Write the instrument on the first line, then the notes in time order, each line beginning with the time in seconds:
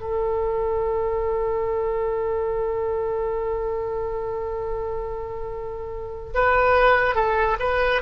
oboe
0.00 A4
6.34 B4
7.15 A4
7.59 B4